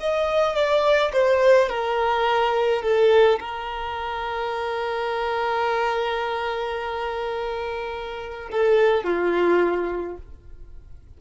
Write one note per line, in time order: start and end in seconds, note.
0.00 0.55 D#5
0.55 1.12 D5
1.13 1.69 C5
1.69 2.83 A#4
2.83 3.39 A4
3.40 8.49 A#4
8.52 9.04 A4
9.04 10.17 F4